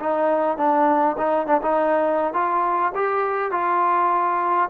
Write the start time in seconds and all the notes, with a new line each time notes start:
0.00 D#4
0.57 D4
1.18 D#4
1.47 D4
1.62 D#4
2.34 F4
2.95 G4
3.52 F4